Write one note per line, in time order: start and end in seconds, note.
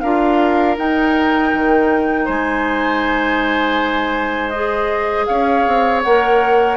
0.00 0.77 D4
0.00 0.76 F4
0.00 2.25 A#4
0.00 0.75 F5
0.76 4.51 D#4
0.76 1.53 D#4
0.76 2.27 G5
1.53 2.27 D#3
2.25 5.27 G#3
2.25 5.25 C5
2.25 4.49 G#5
4.49 6.04 G#4
4.49 5.24 D#5
5.26 5.66 C#4
5.26 6.77 C#5
5.26 6.01 F5
5.67 6.04 C4
6.02 6.77 A#3
6.02 6.77 A#4
6.02 6.77 F#5